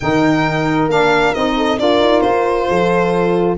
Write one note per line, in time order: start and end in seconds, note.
0.00 0.88 D#3
0.00 0.89 D#4
0.00 1.56 A#4
0.00 0.88 G5
0.88 1.33 A#3
0.88 1.34 D4
0.88 1.34 F5
1.34 1.78 C4
1.34 1.77 D#4
1.34 1.79 D#5
1.56 1.79 A4
1.77 2.00 D4
1.77 3.56 F4
1.77 2.68 A#4
1.77 2.20 D5
2.00 2.23 D#4
2.20 2.68 F4
2.20 3.55 C5
2.68 3.57 F3
2.68 3.57 A4